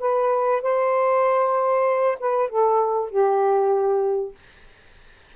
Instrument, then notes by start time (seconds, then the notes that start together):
saxophone
0.00 B4
0.62 C5
2.20 B4
2.50 A4
3.11 G4